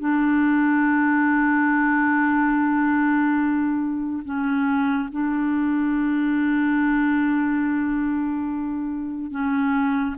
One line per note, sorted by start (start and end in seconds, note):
0.00 4.23 D4
4.25 5.09 C#4
5.12 9.31 D4
9.31 10.16 C#4